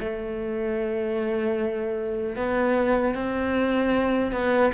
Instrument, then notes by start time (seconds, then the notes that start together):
cello
0.00 A3
2.36 B3
3.15 C4
4.32 B3